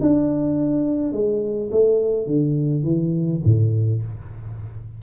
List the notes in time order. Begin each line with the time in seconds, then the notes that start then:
0.00 D4
1.12 G#3
1.71 A3
2.26 D3
2.83 E3
3.45 A2